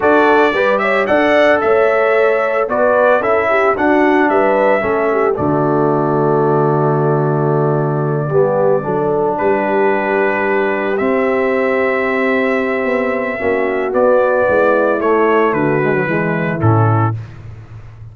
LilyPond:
<<
  \new Staff \with { instrumentName = "trumpet" } { \time 4/4 \tempo 4 = 112 d''4. e''8 fis''4 e''4~ | e''4 d''4 e''4 fis''4 | e''2 d''2~ | d''1~ |
d''4. b'2~ b'8~ | b'8 e''2.~ e''8~ | e''2 d''2 | cis''4 b'2 a'4 | }
  \new Staff \with { instrumentName = "horn" } { \time 4/4 a'4 b'8 cis''8 d''4 cis''4~ | cis''4 b'4 a'8 g'8 fis'4 | b'4 a'8 g'8 fis'2~ | fis'2.~ fis'8 g'8~ |
g'8 a'4 g'2~ g'8~ | g'1~ | g'4 fis'2 e'4~ | e'4 fis'4 e'2 | }
  \new Staff \with { instrumentName = "trombone" } { \time 4/4 fis'4 g'4 a'2~ | a'4 fis'4 e'4 d'4~ | d'4 cis'4 a2~ | a2.~ a8 b8~ |
b8 d'2.~ d'8~ | d'8 c'2.~ c'8~ | c'4 cis'4 b2 | a4. gis16 fis16 gis4 cis'4 | }
  \new Staff \with { instrumentName = "tuba" } { \time 4/4 d'4 g4 d'4 a4~ | a4 b4 cis'4 d'4 | g4 a4 d2~ | d2.~ d8 g8~ |
g8 fis4 g2~ g8~ | g8 c'2.~ c'8 | b4 ais4 b4 gis4 | a4 d4 e4 a,4 | }
>>